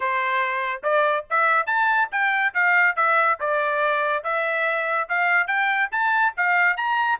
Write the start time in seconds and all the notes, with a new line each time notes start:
0.00 C5
0.83 D5
1.29 E5
1.66 A5
2.11 G5
2.54 F5
2.96 E5
3.39 D5
4.23 E5
5.08 F5
5.47 G5
5.91 A5
6.36 F5
6.76 A#5